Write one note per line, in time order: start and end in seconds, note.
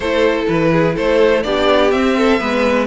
0.00 0.46 A3
0.00 1.43 E4
0.00 0.71 A4
0.00 0.45 C5
0.47 0.96 E3
0.47 0.95 B4
0.71 0.95 G#4
0.95 1.44 A3
0.95 1.43 A4
0.95 1.43 C5
1.43 1.92 B3
1.43 1.91 D4
1.43 2.17 G4
1.43 1.91 D5
1.91 2.39 C4
1.91 2.40 C4
1.91 2.86 E5
2.17 2.39 A4
2.39 2.86 G#3
2.39 2.86 B3
2.39 2.86 B4